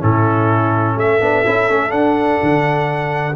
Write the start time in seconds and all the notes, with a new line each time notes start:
0.00 A2 C#4 E4 A4
0.96 A3 A4 E5
1.20 B3 D4
1.45 C#4 E4
1.69 A3 C#4
1.89 D4 F#5
2.43 D3